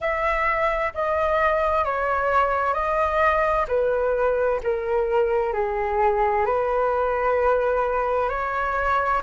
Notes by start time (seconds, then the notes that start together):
0.00 E5
0.94 D#5
1.84 C#5
2.73 D#5
3.68 B4
4.63 A#4
5.53 G#4
6.45 B4
8.29 C#5